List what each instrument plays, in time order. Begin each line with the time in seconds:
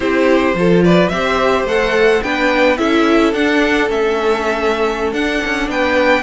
0.00 cello C4, viola E4, violin G4 C5
0.54 cello F3, viola F4, violin A4
0.84 violin B4 D5
1.08 cello C4, viola G4, violin C5 E5
1.64 cello A3, viola A4, violin F#5
2.22 cello B3, viola D4, violin B4 G5
2.77 cello C#4, viola E4, violin A4 E5
3.33 cello D4, viola D4, violin F#5
3.88 cello A3, viola C#4, violin E5
5.12 cello D4, viola D4, violin F#5
5.45 cello C#4
5.68 cello B3, violin B4 G5